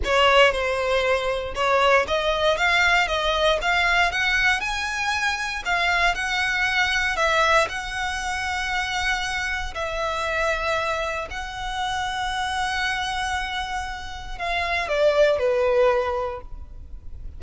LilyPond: \new Staff \with { instrumentName = "violin" } { \time 4/4 \tempo 4 = 117 cis''4 c''2 cis''4 | dis''4 f''4 dis''4 f''4 | fis''4 gis''2 f''4 | fis''2 e''4 fis''4~ |
fis''2. e''4~ | e''2 fis''2~ | fis''1 | f''4 d''4 b'2 | }